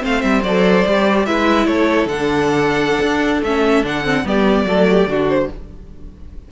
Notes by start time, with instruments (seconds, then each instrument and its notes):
0.00 cello A3, viola C4, violin C5 F5
0.22 cello G3, violin E5
0.44 cello F#3, viola A4, violin D5
0.86 cello G3, viola G4
1.26 cello G#3, viola E4, violin B4 E5
1.67 cello A3, violin A4 C#5
2.06 cello D3, viola D4, violin F#5
3.02 cello D4
3.43 cello A3, viola C#4, violin E5
3.84 cello D3, viola D4, violin F#5
4.04 viola C4
4.24 cello G3, viola B3, violin G4 D5
4.65 cello F#3, viola A3, violin A4
4.91 violin G4
5.07 cello D3, viola D4, violin F#4
5.29 violin C5